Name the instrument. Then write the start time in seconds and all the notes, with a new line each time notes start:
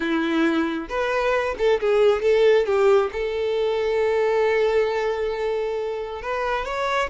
violin
0.00 E4
0.88 B4
1.57 A4
1.80 G#4
2.21 A4
2.66 G4
3.12 A4
6.21 B4
6.65 C#5